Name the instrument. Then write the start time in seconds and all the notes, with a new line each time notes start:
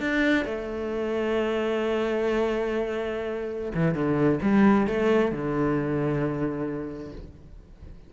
cello
0.00 D4
0.45 A3
3.74 E3
3.94 D3
4.42 G3
4.87 A3
5.32 D3